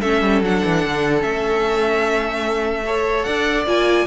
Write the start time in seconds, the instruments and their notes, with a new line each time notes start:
0.00 cello A3, viola C#4, violin A4 E5
0.22 cello G3
0.42 cello F#3, viola D4, violin F#5
0.65 cello E3
0.85 cello D3
1.20 cello A3, viola C#4, violin E5
2.86 viola A4, violin C#5
3.23 cello D4, violin D5 F#5
3.66 cello A#3, viola F4, violin G#5